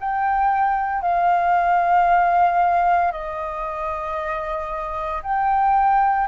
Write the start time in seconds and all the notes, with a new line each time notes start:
0.00 G5
1.02 F5
3.12 D#5
5.23 G5